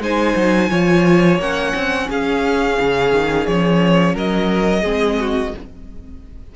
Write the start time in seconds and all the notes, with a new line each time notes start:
0.00 G#3 D#4 C5 G#5
0.36 F#3
0.70 F3 F4 C#5
1.39 A#3 C#4 F#5
1.75 C4
2.08 C#4 G#4 F5
2.80 C#3
3.13 D#3
3.47 F3 C#5
4.14 F#3 A#4 D#5
4.82 G#3 C4 G#4
5.20 F#4